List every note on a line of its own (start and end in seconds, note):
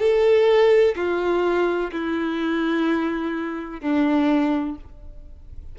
0.00 0.95 A4
0.97 1.92 F4
1.92 3.81 E4
3.81 4.76 D4